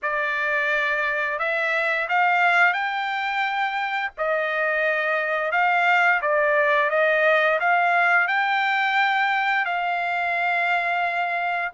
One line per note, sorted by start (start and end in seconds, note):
0.02 1.39 D5
1.39 2.08 E5
2.08 2.73 F5
2.73 4.11 G5
4.17 5.51 D#5
5.51 6.20 F5
6.21 6.90 D5
6.90 7.59 D#5
7.60 8.27 F5
8.27 9.65 G5
9.65 11.72 F5